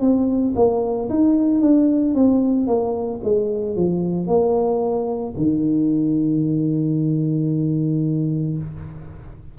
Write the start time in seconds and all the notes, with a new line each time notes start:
0.00 C4
0.55 A#3
1.09 D#4
1.61 D4
2.14 C4
2.67 A#3
3.23 G#3
3.75 F3
4.27 A#3
5.36 D#3